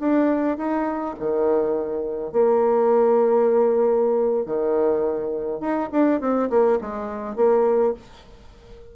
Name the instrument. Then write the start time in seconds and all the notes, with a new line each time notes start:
bassoon
0.00 D4
0.58 D#4
1.20 D#3
2.33 A#3
4.46 D#3
5.61 D#4
5.92 D4
6.21 C4
6.50 A#3
6.81 G#3
7.36 A#3